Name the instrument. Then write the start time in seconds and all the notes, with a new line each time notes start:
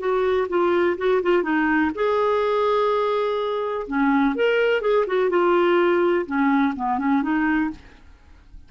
clarinet
0.00 F#4
0.49 F4
0.98 F#4
1.23 F4
1.43 D#4
1.95 G#4
3.87 C#4
4.35 A#4
4.82 G#4
5.07 F#4
5.30 F4
6.26 C#4
6.77 B3
6.99 C#4
7.23 D#4